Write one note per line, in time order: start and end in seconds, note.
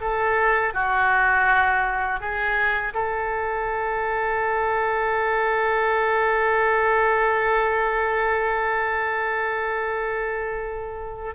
0.00 0.73 A4
0.73 2.20 F#4
2.20 2.93 G#4
2.93 11.34 A4